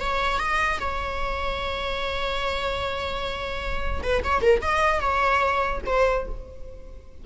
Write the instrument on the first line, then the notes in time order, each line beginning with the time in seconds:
viola
0.00 C#5
0.39 D#5
0.79 C#5
4.03 B4
4.24 C#5
4.41 A#4
4.61 D#5
5.00 C#5
5.86 C5